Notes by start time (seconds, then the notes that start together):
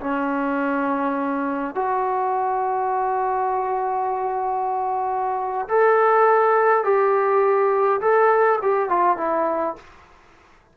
0.00 C#4
1.75 F#4
5.68 A4
6.84 G4
8.01 A4
8.62 G4
8.89 F4
9.17 E4